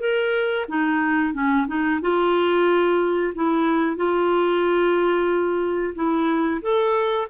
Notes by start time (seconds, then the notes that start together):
0.00 A#4
0.69 D#4
1.34 C#4
1.68 D#4
2.02 F4
3.35 E4
3.97 F4
5.95 E4
6.62 A4